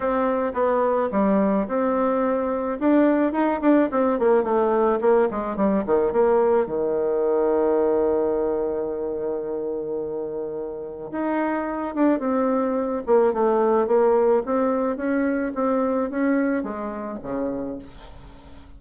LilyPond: \new Staff \with { instrumentName = "bassoon" } { \time 4/4 \tempo 4 = 108 c'4 b4 g4 c'4~ | c'4 d'4 dis'8 d'8 c'8 ais8 | a4 ais8 gis8 g8 dis8 ais4 | dis1~ |
dis1 | dis'4. d'8 c'4. ais8 | a4 ais4 c'4 cis'4 | c'4 cis'4 gis4 cis4 | }